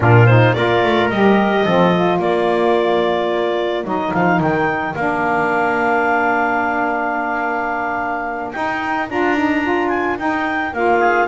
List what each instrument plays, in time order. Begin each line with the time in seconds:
0.00 double bass A#2, saxophone D4, trumpet F4, clarinet A#4
0.26 saxophone D#4, clarinet C5
0.53 double bass A#3, saxophone F4, trumpet A#4, clarinet D5
0.84 double bass A3
1.09 double bass G3, saxophone G4, clarinet D#5
1.64 double bass F3, saxophone C4, trumpet A4
1.94 saxophone F4
2.19 double bass A#3, trumpet A#4, clarinet D5
3.83 double bass F#3, saxophone D#4, clarinet D#5
4.13 double bass F3, clarinet F5
4.39 double bass D#3, clarinet G5
4.94 double bass A#3, saxophone D4, clarinet F5
8.51 saxophone D#4, double bass D#4, clarinet G5
9.09 double bass D4, saxophone F4, clarinet A#5
9.36 saxophone D#4
9.62 saxophone F4
9.88 clarinet G#5
10.17 saxophone D#4, double bass D#4, clarinet G5
10.73 double bass A#3, saxophone F4, clarinet F5
10.99 trumpet G#4